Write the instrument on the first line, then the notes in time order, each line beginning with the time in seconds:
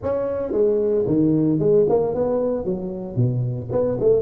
tuba
0.02 C#4
0.52 G#3
1.06 D#3
1.59 G#3
1.88 A#3
2.14 B3
2.65 F#3
3.16 B2
3.71 B3
4.00 A3